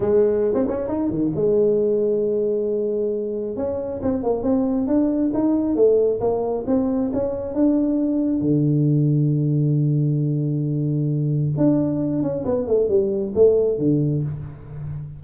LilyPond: \new Staff \with { instrumentName = "tuba" } { \time 4/4 \tempo 4 = 135 gis4~ gis16 c'16 cis'8 dis'8 dis8 gis4~ | gis1 | cis'4 c'8 ais8 c'4 d'4 | dis'4 a4 ais4 c'4 |
cis'4 d'2 d4~ | d1~ | d2 d'4. cis'8 | b8 a8 g4 a4 d4 | }